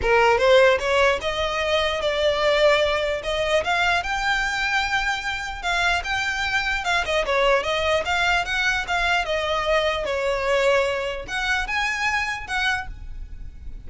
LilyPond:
\new Staff \with { instrumentName = "violin" } { \time 4/4 \tempo 4 = 149 ais'4 c''4 cis''4 dis''4~ | dis''4 d''2. | dis''4 f''4 g''2~ | g''2 f''4 g''4~ |
g''4 f''8 dis''8 cis''4 dis''4 | f''4 fis''4 f''4 dis''4~ | dis''4 cis''2. | fis''4 gis''2 fis''4 | }